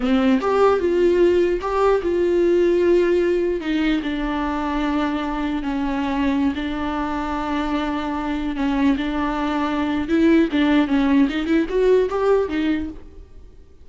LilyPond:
\new Staff \with { instrumentName = "viola" } { \time 4/4 \tempo 4 = 149 c'4 g'4 f'2 | g'4 f'2.~ | f'4 dis'4 d'2~ | d'2 cis'2~ |
cis'16 d'2.~ d'8.~ | d'4~ d'16 cis'4 d'4.~ d'16~ | d'4 e'4 d'4 cis'4 | dis'8 e'8 fis'4 g'4 dis'4 | }